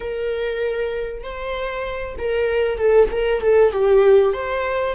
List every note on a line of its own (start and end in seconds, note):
0.00 1.23 A#4
1.23 2.16 C5
2.18 2.78 A#4
2.78 3.08 A4
3.11 3.41 A#4
3.41 3.72 A4
3.72 4.33 G4
4.33 4.95 C5